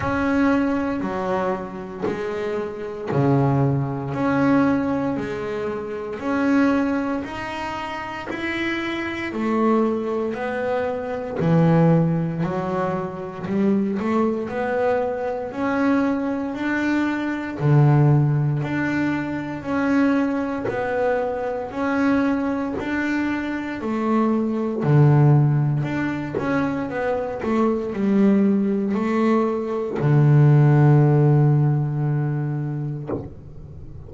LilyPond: \new Staff \with { instrumentName = "double bass" } { \time 4/4 \tempo 4 = 58 cis'4 fis4 gis4 cis4 | cis'4 gis4 cis'4 dis'4 | e'4 a4 b4 e4 | fis4 g8 a8 b4 cis'4 |
d'4 d4 d'4 cis'4 | b4 cis'4 d'4 a4 | d4 d'8 cis'8 b8 a8 g4 | a4 d2. | }